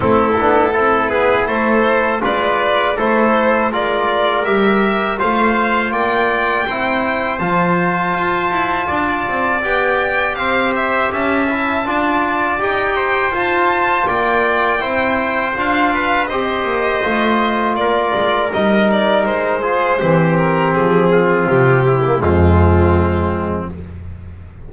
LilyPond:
<<
  \new Staff \with { instrumentName = "violin" } { \time 4/4 \tempo 4 = 81 a'4. b'8 c''4 d''4 | c''4 d''4 e''4 f''4 | g''2 a''2~ | a''4 g''4 f''8 e''8 a''4~ |
a''4 g''4 a''4 g''4~ | g''4 f''4 dis''2 | d''4 dis''8 d''8 c''4. ais'8 | gis'4 g'4 f'2 | }
  \new Staff \with { instrumentName = "trumpet" } { \time 4/4 e'4 a'8 gis'8 a'4 b'4 | a'4 ais'2 c''4 | d''4 c''2. | d''2 c''4 e''4 |
d''4. c''4. d''4 | c''4. b'8 c''2 | ais'2~ ais'8 gis'8 g'4~ | g'8 f'4 e'8 c'2 | }
  \new Staff \with { instrumentName = "trombone" } { \time 4/4 c'8 d'8 e'2 f'4 | e'4 f'4 g'4 f'4~ | f'4 e'4 f'2~ | f'4 g'2~ g'8 e'8 |
f'4 g'4 f'2 | e'4 f'4 g'4 f'4~ | f'4 dis'4. f'8 c'4~ | c'4.~ c'16 ais16 gis2 | }
  \new Staff \with { instrumentName = "double bass" } { \time 4/4 a8 b8 c'8 b8 a4 gis4 | a4 gis4 g4 a4 | ais4 c'4 f4 f'8 e'8 | d'8 c'8 b4 c'4 cis'4 |
d'4 dis'4 f'4 ais4 | c'4 d'4 c'8 ais8 a4 | ais8 gis8 g4 gis4 e4 | f4 c4 f,2 | }
>>